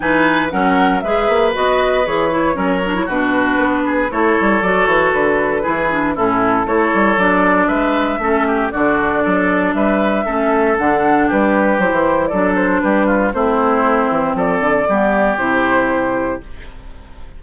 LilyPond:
<<
  \new Staff \with { instrumentName = "flute" } { \time 4/4 \tempo 4 = 117 gis''4 fis''4 e''4 dis''4 | cis''2 b'2 | cis''4 d''8 cis''8 b'2 | a'4 cis''4 d''4 e''4~ |
e''4 d''2 e''4~ | e''4 fis''4 b'4 c''4 | d''8 c''8 b'4 c''2 | d''2 c''2 | }
  \new Staff \with { instrumentName = "oboe" } { \time 4/4 b'4 ais'4 b'2~ | b'4 ais'4 fis'4. gis'8 | a'2. gis'4 | e'4 a'2 b'4 |
a'8 g'8 fis'4 a'4 b'4 | a'2 g'2 | a'4 g'8 f'8 e'2 | a'4 g'2. | }
  \new Staff \with { instrumentName = "clarinet" } { \time 4/4 dis'4 cis'4 gis'4 fis'4 | gis'8 e'8 cis'8 d'16 e'16 d'2 | e'4 fis'2 e'8 d'8 | cis'4 e'4 d'2 |
cis'4 d'2. | cis'4 d'2 e'4 | d'2 c'2~ | c'4 b4 e'2 | }
  \new Staff \with { instrumentName = "bassoon" } { \time 4/4 e4 fis4 gis8 ais8 b4 | e4 fis4 b,4 b4 | a8 g8 fis8 e8 d4 e4 | a,4 a8 g8 fis4 gis4 |
a4 d4 fis4 g4 | a4 d4 g4 fis16 e8. | fis4 g4 a4. e8 | f8 d8 g4 c2 | }
>>